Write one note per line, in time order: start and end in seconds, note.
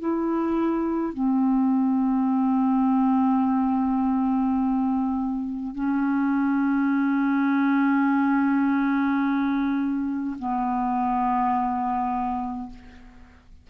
0.00 1.14 E4
1.14 5.75 C4
5.75 10.37 C#4
10.39 12.70 B3